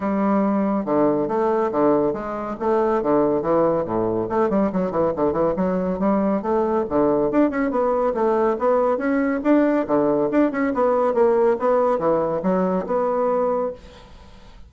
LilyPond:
\new Staff \with { instrumentName = "bassoon" } { \time 4/4 \tempo 4 = 140 g2 d4 a4 | d4 gis4 a4 d4 | e4 a,4 a8 g8 fis8 e8 | d8 e8 fis4 g4 a4 |
d4 d'8 cis'8 b4 a4 | b4 cis'4 d'4 d4 | d'8 cis'8 b4 ais4 b4 | e4 fis4 b2 | }